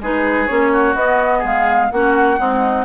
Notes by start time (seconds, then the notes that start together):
0.00 G#3 D#4 G#4 B4
0.47 A#3 C#4 C#5
0.73 F#4
0.95 B3 D#5
1.39 G#3 G#4
1.46 F5
1.91 A#3 C#4 F#4 F#5
2.38 G#3 C4 D#4